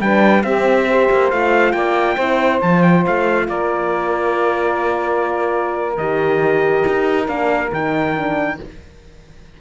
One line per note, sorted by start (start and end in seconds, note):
0.00 0.43 G3
0.00 0.43 D4
0.00 0.44 B4
0.00 0.43 G5
0.43 0.86 C4
0.43 1.09 C4
0.43 0.88 G4
0.43 1.30 E5
0.88 1.33 G4
0.88 1.75 C5
1.11 1.32 A#3
1.30 1.73 A3
1.30 2.18 F4
1.30 1.72 F5
1.72 2.16 A#3
1.72 2.16 D5
1.72 2.59 G5
2.16 2.61 C4
2.16 2.62 E4
2.16 3.46 C5
2.61 3.06 F3
2.61 5.99 F4
2.61 2.83 A5
2.83 3.04 G5
3.06 3.48 A3
3.06 3.49 F5
3.48 5.97 A#3
3.48 8.60 A#4
3.48 5.97 D5
5.97 6.84 D#3
5.97 7.27 G4
5.97 7.28 D#5
6.88 7.28 D#4
7.27 7.72 A#3
7.27 7.70 D4
7.27 7.71 F5
7.72 8.59 D#3
7.72 8.16 D#4
7.72 8.60 G5
8.16 8.60 D4